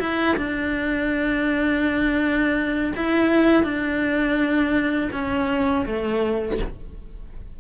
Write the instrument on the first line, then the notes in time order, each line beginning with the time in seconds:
cello
0.00 E4
0.37 D4
2.97 E4
3.64 D4
5.13 C#4
5.86 A3